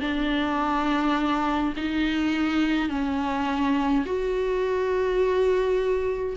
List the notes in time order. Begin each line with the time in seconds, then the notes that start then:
0.00 D4
1.76 D#4
2.89 C#4
4.05 F#4